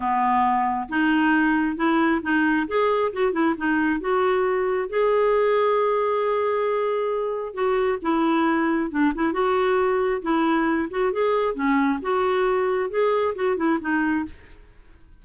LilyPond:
\new Staff \with { instrumentName = "clarinet" } { \time 4/4 \tempo 4 = 135 b2 dis'2 | e'4 dis'4 gis'4 fis'8 e'8 | dis'4 fis'2 gis'4~ | gis'1~ |
gis'4 fis'4 e'2 | d'8 e'8 fis'2 e'4~ | e'8 fis'8 gis'4 cis'4 fis'4~ | fis'4 gis'4 fis'8 e'8 dis'4 | }